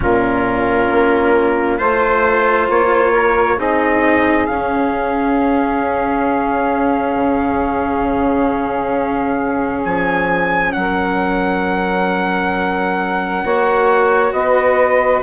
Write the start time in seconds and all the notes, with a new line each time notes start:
0.00 A#2 C#4 F4 A#4
0.90 A#3
1.77 A3 F4 C5
2.69 A#3 C#5
3.11 A#4
3.57 C4 D#4 G#4 D#5
4.46 C#4 F5
7.15 C#3
9.84 F3 G#5
10.72 F#3 F#5
10.79 A#4
13.44 A#3 F#4 C#5
14.32 B3 B4 D#5